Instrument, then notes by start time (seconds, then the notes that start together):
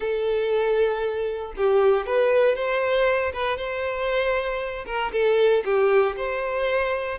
violin
0.00 A4
1.56 G4
2.06 B4
2.55 C5
3.33 B4
3.57 C5
4.86 A#4
5.12 A4
5.64 G4
6.16 C5